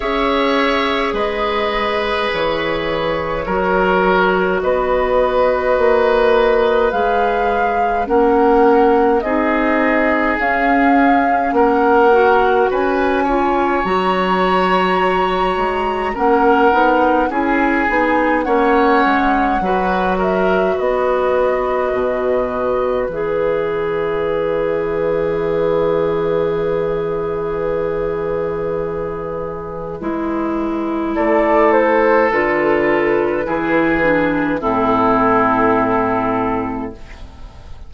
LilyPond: <<
  \new Staff \with { instrumentName = "flute" } { \time 4/4 \tempo 4 = 52 e''4 dis''4 cis''2 | dis''2 f''4 fis''4 | dis''4 f''4 fis''4 gis''4 | ais''2 fis''4 gis''4 |
fis''4. e''8 dis''2 | e''1~ | e''2. d''8 c''8 | b'2 a'2 | }
  \new Staff \with { instrumentName = "oboe" } { \time 4/4 cis''4 b'2 ais'4 | b'2. ais'4 | gis'2 ais'4 b'8 cis''8~ | cis''2 ais'4 gis'4 |
cis''4 b'8 ais'8 b'2~ | b'1~ | b'2. a'4~ | a'4 gis'4 e'2 | }
  \new Staff \with { instrumentName = "clarinet" } { \time 4/4 gis'2. fis'4~ | fis'2 gis'4 cis'4 | dis'4 cis'4. fis'4 f'8 | fis'2 cis'8 dis'8 e'8 dis'8 |
cis'4 fis'2. | gis'1~ | gis'2 e'2 | f'4 e'8 d'8 c'2 | }
  \new Staff \with { instrumentName = "bassoon" } { \time 4/4 cis'4 gis4 e4 fis4 | b4 ais4 gis4 ais4 | c'4 cis'4 ais4 cis'4 | fis4. gis8 ais8 b8 cis'8 b8 |
ais8 gis8 fis4 b4 b,4 | e1~ | e2 gis4 a4 | d4 e4 a,2 | }
>>